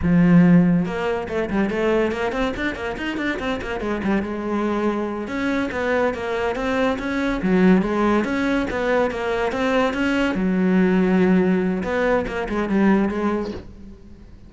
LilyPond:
\new Staff \with { instrumentName = "cello" } { \time 4/4 \tempo 4 = 142 f2 ais4 a8 g8 | a4 ais8 c'8 d'8 ais8 dis'8 d'8 | c'8 ais8 gis8 g8 gis2~ | gis8 cis'4 b4 ais4 c'8~ |
c'8 cis'4 fis4 gis4 cis'8~ | cis'8 b4 ais4 c'4 cis'8~ | cis'8 fis2.~ fis8 | b4 ais8 gis8 g4 gis4 | }